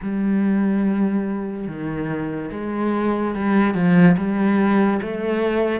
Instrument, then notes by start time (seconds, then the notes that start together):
cello
0.02 G3
1.67 D#3
2.51 G#3
3.34 G3
3.74 F3
4.17 G3
5.02 A3